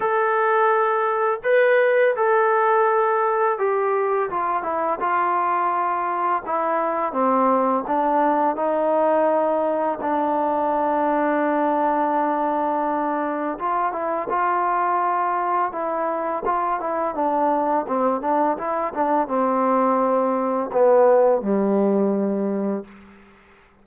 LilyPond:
\new Staff \with { instrumentName = "trombone" } { \time 4/4 \tempo 4 = 84 a'2 b'4 a'4~ | a'4 g'4 f'8 e'8 f'4~ | f'4 e'4 c'4 d'4 | dis'2 d'2~ |
d'2. f'8 e'8 | f'2 e'4 f'8 e'8 | d'4 c'8 d'8 e'8 d'8 c'4~ | c'4 b4 g2 | }